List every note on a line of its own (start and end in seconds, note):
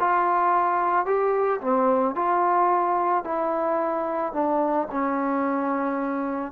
0.00 1.06 F4
1.06 1.60 G4
1.61 2.15 C4
2.15 3.24 F4
3.25 4.33 E4
4.33 4.88 D4
4.91 6.52 C#4